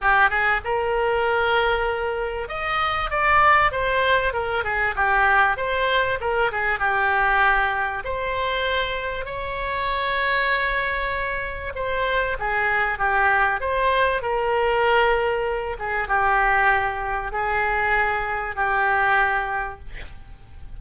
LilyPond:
\new Staff \with { instrumentName = "oboe" } { \time 4/4 \tempo 4 = 97 g'8 gis'8 ais'2. | dis''4 d''4 c''4 ais'8 gis'8 | g'4 c''4 ais'8 gis'8 g'4~ | g'4 c''2 cis''4~ |
cis''2. c''4 | gis'4 g'4 c''4 ais'4~ | ais'4. gis'8 g'2 | gis'2 g'2 | }